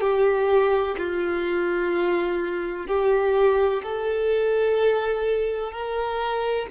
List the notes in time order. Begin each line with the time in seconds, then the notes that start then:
0.00 G4
0.97 F4
2.87 G4
3.83 A4
5.71 A#4